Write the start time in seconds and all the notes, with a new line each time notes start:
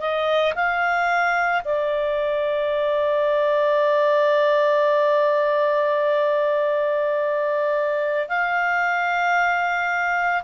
0.00 D#5
0.55 F5
1.65 D5
8.29 F5